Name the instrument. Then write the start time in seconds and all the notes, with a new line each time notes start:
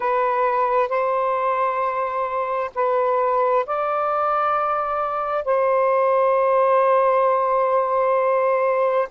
saxophone
0.00 B4
0.88 C5
2.74 B4
3.66 D5
5.45 C5